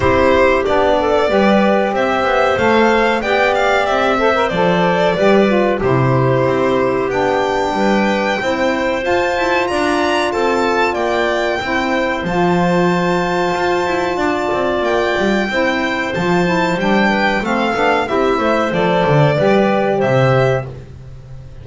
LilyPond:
<<
  \new Staff \with { instrumentName = "violin" } { \time 4/4 \tempo 4 = 93 c''4 d''2 e''4 | f''4 g''8 f''8 e''4 d''4~ | d''4 c''2 g''4~ | g''2 a''4 ais''4 |
a''4 g''2 a''4~ | a''2. g''4~ | g''4 a''4 g''4 f''4 | e''4 d''2 e''4 | }
  \new Staff \with { instrumentName = "clarinet" } { \time 4/4 g'4. a'8 b'4 c''4~ | c''4 d''4. c''4. | b'4 g'2. | b'4 c''2 d''4 |
a'4 d''4 c''2~ | c''2 d''2 | c''2~ c''8 b'8 a'4 | g'8 c''4. b'4 c''4 | }
  \new Staff \with { instrumentName = "saxophone" } { \time 4/4 e'4 d'4 g'2 | a'4 g'4. a'16 ais'16 a'4 | g'8 f'8 e'2 d'4~ | d'4 e'4 f'2~ |
f'2 e'4 f'4~ | f'1 | e'4 f'8 e'8 d'4 c'8 d'8 | e'4 a'4 g'2 | }
  \new Staff \with { instrumentName = "double bass" } { \time 4/4 c'4 b4 g4 c'8 b8 | a4 b4 c'4 f4 | g4 c4 c'4 b4 | g4 c'4 f'8 e'8 d'4 |
c'4 ais4 c'4 f4~ | f4 f'8 e'8 d'8 c'8 ais8 g8 | c'4 f4 g4 a8 b8 | c'8 a8 f8 d8 g4 c4 | }
>>